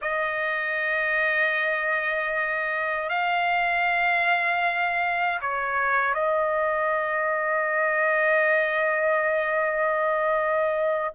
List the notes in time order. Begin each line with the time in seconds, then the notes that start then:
0.01 D#5
3.09 F5
5.41 C#5
6.14 D#5